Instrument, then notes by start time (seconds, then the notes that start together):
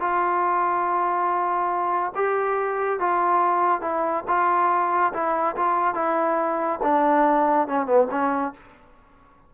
trombone
0.00 F4
2.15 G4
3.00 F4
3.81 E4
4.28 F4
5.13 E4
5.56 F4
5.95 E4
6.83 D4
7.68 C#4
7.86 B3
8.11 C#4